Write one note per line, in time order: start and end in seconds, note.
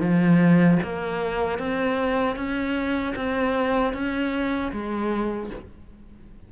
0.00 0.78 F3
0.83 1.58 A#3
1.58 2.36 C4
2.36 3.14 C#4
3.15 3.93 C4
3.93 4.71 C#4
4.72 5.50 G#3